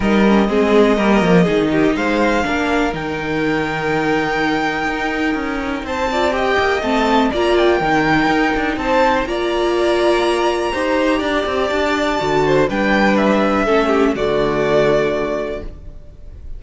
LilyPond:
<<
  \new Staff \with { instrumentName = "violin" } { \time 4/4 \tempo 4 = 123 dis''1 | f''2 g''2~ | g''1 | a''4 g''4 a''4 ais''8 g''8~ |
g''2 a''4 ais''4~ | ais''1 | a''2 g''4 e''4~ | e''4 d''2. | }
  \new Staff \with { instrumentName = "violin" } { \time 4/4 ais'4 gis'4 ais'4 gis'8 g'8 | c''4 ais'2.~ | ais'1 | c''8 d''8 dis''2 d''4 |
ais'2 c''4 d''4~ | d''2 c''4 d''4~ | d''4. c''8 b'2 | a'8 g'8 fis'2. | }
  \new Staff \with { instrumentName = "viola" } { \time 4/4 dis'8 cis'8 c'4 ais4 dis'4~ | dis'4 d'4 dis'2~ | dis'1~ | dis'8 f'8 g'4 c'4 f'4 |
dis'2. f'4~ | f'2 g'2~ | g'4 fis'4 d'2 | cis'4 a2. | }
  \new Staff \with { instrumentName = "cello" } { \time 4/4 g4 gis4 g8 f8 dis4 | gis4 ais4 dis2~ | dis2 dis'4 cis'4 | c'4. ais8 a4 ais4 |
dis4 dis'8 d'8 c'4 ais4~ | ais2 dis'4 d'8 c'8 | d'4 d4 g2 | a4 d2. | }
>>